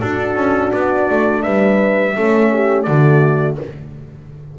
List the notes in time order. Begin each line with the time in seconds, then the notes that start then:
0.00 D4 F#4 A4
0.36 C#4
0.72 B3 D5
1.09 A3
1.42 G3 B4 E5
2.15 A3 C#4 A4
2.52 G4
2.83 D3 A3 F#4 D5